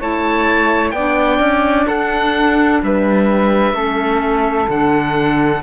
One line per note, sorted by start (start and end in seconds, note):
0.00 0.93 A3
0.00 0.94 E4
0.00 0.94 C#5
0.00 0.91 A5
0.91 1.39 B3
0.91 1.88 D5
0.91 1.85 G5
0.98 3.75 D4
1.39 1.86 C#4
1.88 2.82 D4
1.88 2.81 A4
1.88 2.82 F#5
2.83 3.74 G3
2.83 3.75 B4
2.83 4.70 E5
3.74 4.67 A3
3.74 4.68 C#4
3.74 5.62 A4
4.68 5.62 D3
4.68 5.62 D4
4.68 5.63 F#5